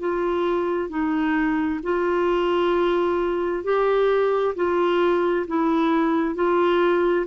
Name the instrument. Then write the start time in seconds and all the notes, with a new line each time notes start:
clarinet
0.00 F4
0.90 D#4
1.83 F4
3.64 G4
4.56 F4
5.48 E4
6.36 F4